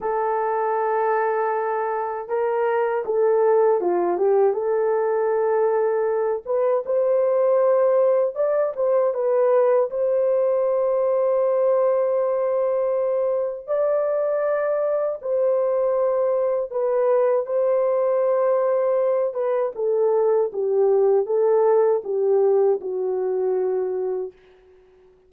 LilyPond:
\new Staff \with { instrumentName = "horn" } { \time 4/4 \tempo 4 = 79 a'2. ais'4 | a'4 f'8 g'8 a'2~ | a'8 b'8 c''2 d''8 c''8 | b'4 c''2.~ |
c''2 d''2 | c''2 b'4 c''4~ | c''4. b'8 a'4 g'4 | a'4 g'4 fis'2 | }